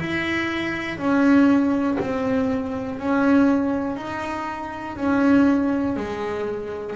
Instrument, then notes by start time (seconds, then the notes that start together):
double bass
0.00 E4
0.98 C#4
2.00 C4
2.99 C#4
3.96 D#4
4.97 C#4
5.97 G#3